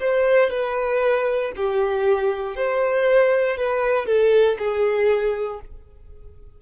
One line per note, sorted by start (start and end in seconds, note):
0.00 0.50 C5
0.50 1.52 B4
1.56 2.56 G4
2.56 3.57 C5
3.57 4.06 B4
4.06 4.57 A4
4.59 5.60 G#4